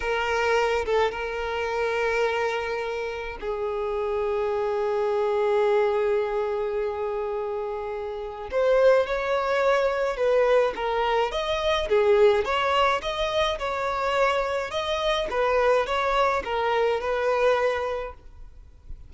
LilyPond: \new Staff \with { instrumentName = "violin" } { \time 4/4 \tempo 4 = 106 ais'4. a'8 ais'2~ | ais'2 gis'2~ | gis'1~ | gis'2. c''4 |
cis''2 b'4 ais'4 | dis''4 gis'4 cis''4 dis''4 | cis''2 dis''4 b'4 | cis''4 ais'4 b'2 | }